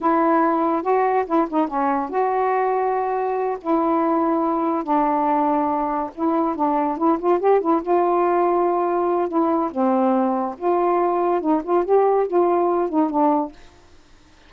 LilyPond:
\new Staff \with { instrumentName = "saxophone" } { \time 4/4 \tempo 4 = 142 e'2 fis'4 e'8 dis'8 | cis'4 fis'2.~ | fis'8 e'2. d'8~ | d'2~ d'8 e'4 d'8~ |
d'8 e'8 f'8 g'8 e'8 f'4.~ | f'2 e'4 c'4~ | c'4 f'2 dis'8 f'8 | g'4 f'4. dis'8 d'4 | }